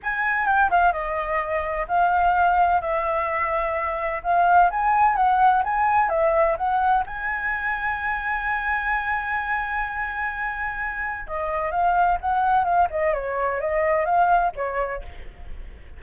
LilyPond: \new Staff \with { instrumentName = "flute" } { \time 4/4 \tempo 4 = 128 gis''4 g''8 f''8 dis''2 | f''2 e''2~ | e''4 f''4 gis''4 fis''4 | gis''4 e''4 fis''4 gis''4~ |
gis''1~ | gis''1 | dis''4 f''4 fis''4 f''8 dis''8 | cis''4 dis''4 f''4 cis''4 | }